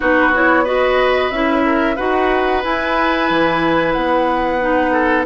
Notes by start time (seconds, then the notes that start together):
0.00 B3 D#4 F#4 B4
0.33 E4 C#5
0.63 F#4 B4 D#5
1.30 C#4 E4 E5
1.65 A#4
1.96 D#4 F#4 B4 F#5
2.63 E4 G#5
3.30 E3
3.92 B3 F#5
4.61 D#4
4.91 A4